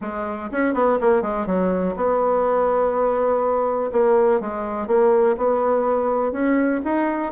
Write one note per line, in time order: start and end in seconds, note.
0.01 0.50 G#3
0.51 0.74 C#4
0.74 0.98 B3
1.00 1.22 A#3
1.22 1.46 G#3
1.46 1.95 F#3
1.96 3.91 B3
3.92 4.40 A#3
4.40 4.87 G#3
4.87 5.36 A#3
5.37 6.32 B3
6.32 6.80 C#4
6.84 7.32 D#4